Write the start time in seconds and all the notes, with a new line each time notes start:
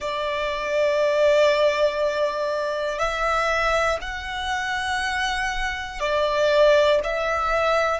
0.00 D5
2.99 E5
4.00 F#5
6.00 D5
7.03 E5